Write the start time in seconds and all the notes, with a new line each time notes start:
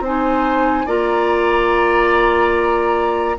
0.00 C4 D#4 C5 G#5
0.86 A#3 F4 D5 A#5